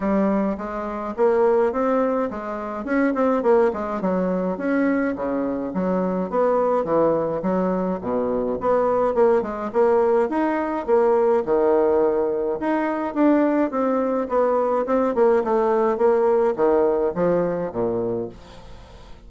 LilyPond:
\new Staff \with { instrumentName = "bassoon" } { \time 4/4 \tempo 4 = 105 g4 gis4 ais4 c'4 | gis4 cis'8 c'8 ais8 gis8 fis4 | cis'4 cis4 fis4 b4 | e4 fis4 b,4 b4 |
ais8 gis8 ais4 dis'4 ais4 | dis2 dis'4 d'4 | c'4 b4 c'8 ais8 a4 | ais4 dis4 f4 ais,4 | }